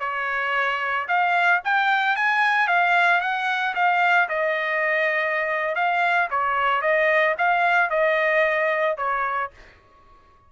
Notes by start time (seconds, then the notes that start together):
0.00 C#5
1.08 F5
1.65 G5
2.17 G#5
2.68 F5
3.21 F#5
3.75 F5
4.29 D#5
5.76 F5
6.31 C#5
6.82 D#5
7.38 F5
7.90 D#5
8.98 C#5